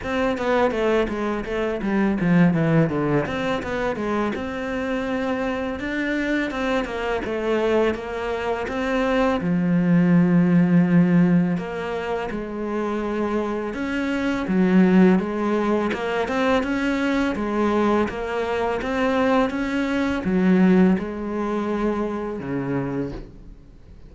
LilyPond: \new Staff \with { instrumentName = "cello" } { \time 4/4 \tempo 4 = 83 c'8 b8 a8 gis8 a8 g8 f8 e8 | d8 c'8 b8 gis8 c'2 | d'4 c'8 ais8 a4 ais4 | c'4 f2. |
ais4 gis2 cis'4 | fis4 gis4 ais8 c'8 cis'4 | gis4 ais4 c'4 cis'4 | fis4 gis2 cis4 | }